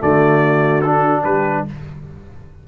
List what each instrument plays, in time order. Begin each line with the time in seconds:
0.00 tuba D3, trombone A3, horn F#4, trumpet D5
0.82 trombone D4, trumpet A4
1.24 tuba G3, horn G4, trumpet B4